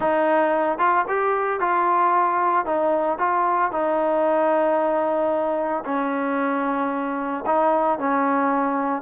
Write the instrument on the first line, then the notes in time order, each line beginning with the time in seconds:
trombone
0.00 D#4
0.78 F4
1.08 G4
1.60 F4
2.65 D#4
3.18 F4
3.71 D#4
5.85 C#4
7.46 D#4
7.98 C#4